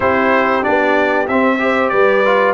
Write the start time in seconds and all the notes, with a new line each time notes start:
0.00 C4 E4 G4 C5
0.62 B3 D4 D5
1.27 C4 E5
1.58 G4 C5
1.89 G3 B4 D5
2.25 F4